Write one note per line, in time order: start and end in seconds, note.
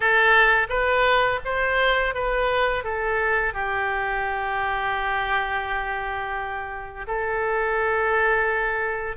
0.00 0.67 A4
0.69 1.39 B4
1.45 2.14 C5
2.14 2.84 B4
2.84 3.53 A4
3.53 7.06 G4
7.07 9.16 A4